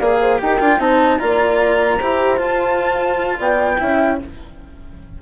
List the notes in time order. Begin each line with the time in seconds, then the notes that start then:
0.00 A#3 G#4 D5 F5
0.21 C5
0.39 D#4 G4 A#4 G5
0.60 D4 F4
0.79 C4 D#4 C5 A5
1.19 A#3 F4 D5 A#5
1.99 E4 G4 C5
2.37 F4 A5
3.40 B3 D5 G5
3.79 C#4 E4 E5